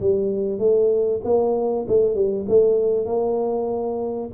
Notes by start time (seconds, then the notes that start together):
0.00 G3
0.58 A3
1.24 A#3
1.88 A3
2.15 G3
2.48 A3
3.05 A#3